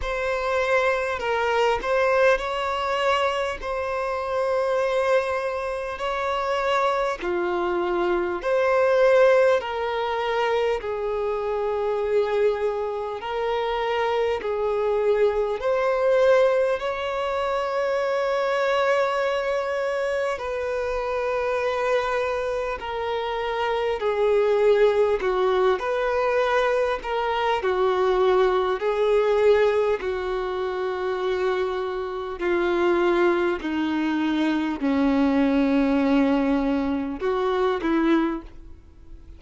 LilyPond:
\new Staff \with { instrumentName = "violin" } { \time 4/4 \tempo 4 = 50 c''4 ais'8 c''8 cis''4 c''4~ | c''4 cis''4 f'4 c''4 | ais'4 gis'2 ais'4 | gis'4 c''4 cis''2~ |
cis''4 b'2 ais'4 | gis'4 fis'8 b'4 ais'8 fis'4 | gis'4 fis'2 f'4 | dis'4 cis'2 fis'8 e'8 | }